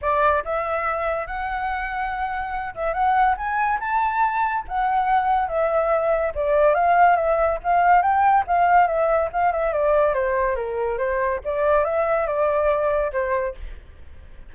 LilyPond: \new Staff \with { instrumentName = "flute" } { \time 4/4 \tempo 4 = 142 d''4 e''2 fis''4~ | fis''2~ fis''8 e''8 fis''4 | gis''4 a''2 fis''4~ | fis''4 e''2 d''4 |
f''4 e''4 f''4 g''4 | f''4 e''4 f''8 e''8 d''4 | c''4 ais'4 c''4 d''4 | e''4 d''2 c''4 | }